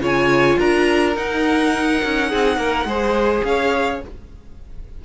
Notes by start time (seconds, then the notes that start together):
0.00 C#3 F4 C#5 G#5
0.59 D4 A#4 A#5
1.16 D#4 F#5
2.04 C#4
2.29 C4 G#4
2.57 A#3 A#4
2.85 G#3 G#4 C5
3.44 C#4 C#5 F5